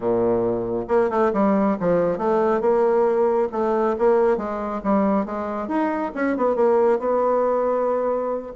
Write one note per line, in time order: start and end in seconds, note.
0.00 0.85 A#2
0.88 1.09 A#3
1.09 1.31 A3
1.33 1.77 G3
1.80 2.18 F3
2.18 2.60 A3
2.60 3.48 A#3
3.52 3.96 A3
3.98 4.37 A#3
4.37 4.81 G#3
4.83 5.25 G3
5.25 5.68 G#3
5.68 6.12 D#4
6.15 6.36 C#4
6.36 6.55 B3
6.55 6.99 A#3
6.99 8.52 B3